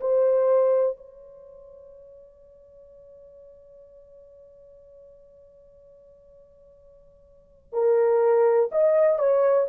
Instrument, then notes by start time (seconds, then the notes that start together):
horn
0.00 C5
0.96 C#5
7.72 A#4
8.71 D#5
9.18 C#5